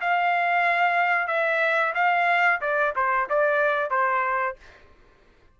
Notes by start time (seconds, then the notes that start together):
0.00 F5
1.27 E5
1.94 F5
2.60 D5
2.95 C5
3.29 D5
3.90 C5